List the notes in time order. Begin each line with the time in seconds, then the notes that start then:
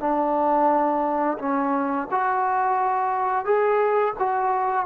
0.00 D4
1.39 C#4
2.11 F#4
3.45 G#4
4.19 F#4